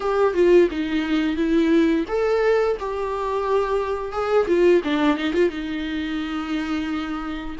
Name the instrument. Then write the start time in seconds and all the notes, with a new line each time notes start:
viola
0.00 G4
0.34 F4
0.71 D#4
1.36 E4
2.08 A4
2.79 G4
4.12 G#4
4.47 F4
4.84 D4
5.17 D#4
5.33 F4
5.49 D#4